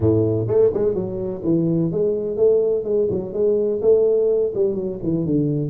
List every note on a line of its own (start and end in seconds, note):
0.00 0.47 A2
0.47 0.71 A3
0.73 0.94 G#3
0.94 1.42 F#3
1.44 1.91 E3
1.91 2.37 G#3
2.37 2.84 A3
2.84 3.08 G#3
3.10 3.33 F#3
3.33 3.81 G#3
3.81 4.53 A3
4.54 4.74 G3
4.74 4.98 F#3
5.02 5.25 E3
5.25 5.70 D3